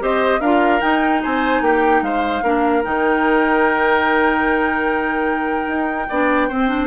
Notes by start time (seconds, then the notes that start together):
0.00 C4 G4 C5 D#5
0.40 D4 F4 A#4 F5
0.81 D#4 G5
1.22 C4 C5 G#5
1.61 A#3 G4 G5
2.02 G#3 C5 F5
2.43 A#3 D4 A#4
2.83 D#3 D#4 G5
5.67 D#4
6.09 B3 D4 D5
6.49 C4 C5
6.68 D4